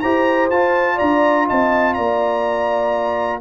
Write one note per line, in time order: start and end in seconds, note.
0.00 0.50 E4
0.00 0.52 G4
0.00 0.95 C5
0.00 0.49 A#5
0.50 0.99 F4
0.50 3.41 F4
0.50 0.99 A5
0.95 1.44 D5
0.95 1.48 A#5
1.01 1.50 D4
1.46 1.98 C4
1.46 1.95 D#5
1.46 1.94 A5
1.94 3.41 A#3
1.94 3.41 D5
1.94 3.40 A#5